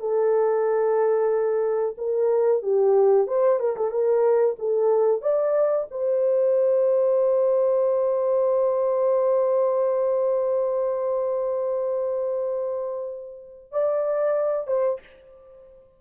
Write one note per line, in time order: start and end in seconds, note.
0.00 1.96 A4
1.98 2.63 A#4
2.63 3.27 G4
3.27 3.60 C5
3.60 3.76 A#4
3.76 3.91 A4
3.91 4.56 A#4
4.59 5.22 A4
5.22 5.87 D5
5.91 13.72 C5
13.72 14.67 D5
14.67 15.00 C5